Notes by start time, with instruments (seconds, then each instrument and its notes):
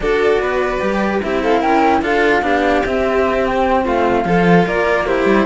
0.00 cello D4 F#4, violin A4, flute D5
0.40 cello B3, violin B4
0.80 cello G3 G4
1.22 cello C4 E4, violin G4, flute E5
1.42 violin A4, flute F5
1.60 cello C#4, violin A#4, flute G5
2.01 cello D4 F4, violin A4, flute F5
2.42 cello B3 D4, violin G4
2.85 cello C4, flute E5
3.46 flute G5
3.84 cello A3, violin F4, flute F5
4.24 cello F3 F4, violin A4
4.66 cello A#3, violin A#4, flute D5
5.06 cello E4, violin G4, flute C5
5.25 cello G3